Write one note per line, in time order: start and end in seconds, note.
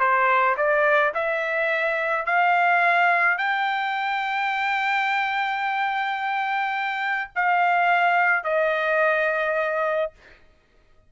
0.00 0.56 C5
0.57 1.13 D5
1.14 2.26 E5
2.26 3.38 F5
3.38 7.31 G5
7.36 8.44 F5
8.44 10.12 D#5